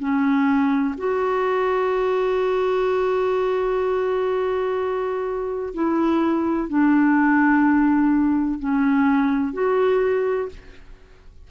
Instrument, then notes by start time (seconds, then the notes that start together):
clarinet
0.00 C#4
0.98 F#4
5.74 E4
6.69 D4
8.60 C#4
9.54 F#4